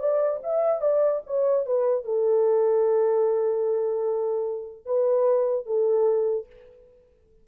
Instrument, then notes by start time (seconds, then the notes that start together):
horn
0.00 D5
0.43 E5
0.81 D5
1.27 C#5
1.66 B4
2.04 A4
4.86 B4
5.66 A4